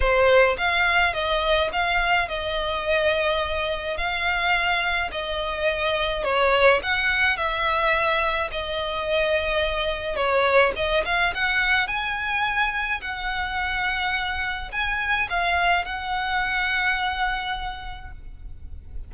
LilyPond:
\new Staff \with { instrumentName = "violin" } { \time 4/4 \tempo 4 = 106 c''4 f''4 dis''4 f''4 | dis''2. f''4~ | f''4 dis''2 cis''4 | fis''4 e''2 dis''4~ |
dis''2 cis''4 dis''8 f''8 | fis''4 gis''2 fis''4~ | fis''2 gis''4 f''4 | fis''1 | }